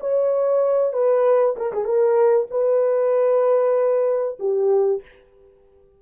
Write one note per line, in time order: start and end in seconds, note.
0.00 0.93 C#5
0.93 1.55 B4
1.56 1.72 A#4
1.72 1.84 G#4
1.84 2.47 A#4
2.51 4.38 B4
4.39 5.01 G4